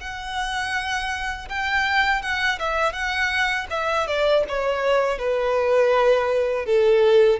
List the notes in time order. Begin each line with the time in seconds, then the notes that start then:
0.00 F#5
1.49 G5
2.22 F#5
2.59 E5
2.92 F#5
3.70 E5
4.07 D5
4.48 C#5
5.18 B4
6.65 A4